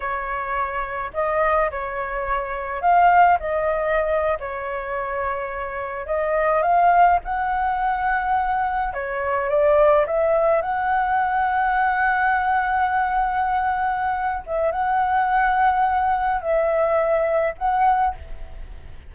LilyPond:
\new Staff \with { instrumentName = "flute" } { \time 4/4 \tempo 4 = 106 cis''2 dis''4 cis''4~ | cis''4 f''4 dis''4.~ dis''16 cis''16~ | cis''2~ cis''8. dis''4 f''16~ | f''8. fis''2. cis''16~ |
cis''8. d''4 e''4 fis''4~ fis''16~ | fis''1~ | fis''4. e''8 fis''2~ | fis''4 e''2 fis''4 | }